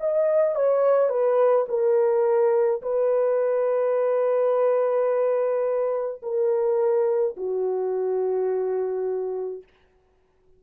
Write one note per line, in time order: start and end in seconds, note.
0.00 0.55 D#5
0.55 1.09 C#5
1.09 1.66 B4
1.68 2.81 A#4
2.82 6.22 B4
6.22 7.35 A#4
7.37 9.63 F#4